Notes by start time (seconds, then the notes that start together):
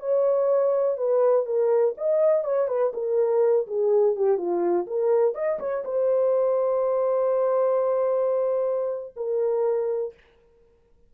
0.00 C#5
0.98 B4
1.46 A#4
1.98 D#5
2.44 C#5
2.68 B4
2.94 A#4
3.67 G#4
4.16 G4
4.38 F4
4.87 A#4
5.35 D#5
5.60 C#5
5.85 C5
9.16 A#4